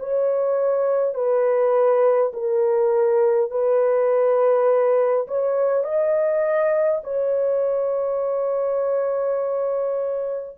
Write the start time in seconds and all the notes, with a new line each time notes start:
0.00 C#5
1.14 B4
2.33 A#4
3.51 B4
5.27 C#5
5.84 D#5
7.04 C#5